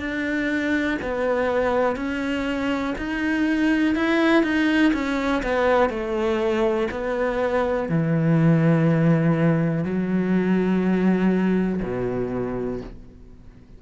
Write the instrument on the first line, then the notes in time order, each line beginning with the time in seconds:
cello
0.00 D4
1.03 B3
1.97 C#4
2.99 D#4
3.96 E4
4.44 D#4
4.94 C#4
5.43 B3
5.90 A3
6.92 B3
7.90 E3
9.85 F#3
11.83 B2